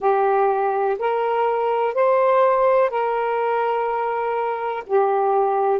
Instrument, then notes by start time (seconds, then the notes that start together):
saxophone
0.00 G4
0.99 A#4
1.94 C5
2.90 A#4
4.86 G4